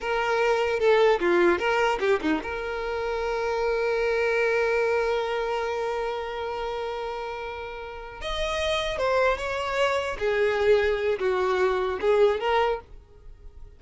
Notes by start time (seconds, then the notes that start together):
0.00 A#4
0.79 A4
1.20 F4
1.58 A#4
2.00 G4
2.21 D#4
2.42 A#4
8.21 D#5
8.97 C5
9.37 C#5
10.18 G#4
11.19 F#4
12.00 G#4
12.39 A#4